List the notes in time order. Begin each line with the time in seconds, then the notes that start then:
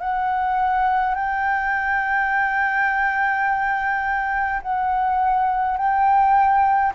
0.00 F#5
1.15 G5
4.62 F#5
5.77 G5